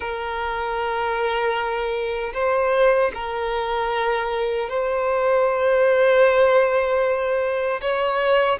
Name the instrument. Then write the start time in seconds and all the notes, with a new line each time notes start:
violin
0.00 A#4
2.33 C5
3.14 A#4
4.69 C5
7.81 C#5